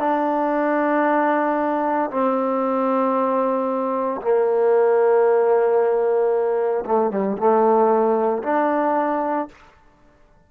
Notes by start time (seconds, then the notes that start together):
0.00 D4
2.11 C4
4.22 A#3
6.86 A3
7.11 G3
7.38 A3
8.44 D4